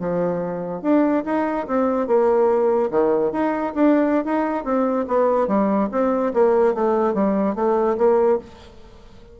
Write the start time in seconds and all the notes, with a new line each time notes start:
0.00 F3
0.82 D4
1.26 D#4
1.68 C4
2.08 A#3
2.91 D#3
3.32 D#4
3.75 D4
4.25 D#4
4.65 C4
5.08 B3
5.48 G3
5.92 C4
6.34 A#3
6.75 A3
7.14 G3
7.56 A3
7.98 A#3